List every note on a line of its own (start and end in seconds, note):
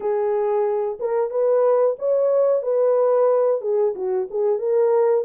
0.00 0.98 G#4
0.99 1.30 A#4
1.30 1.96 B4
1.98 2.62 C#5
2.62 3.61 B4
3.61 3.94 G#4
3.95 4.28 F#4
4.30 4.58 G#4
4.58 5.24 A#4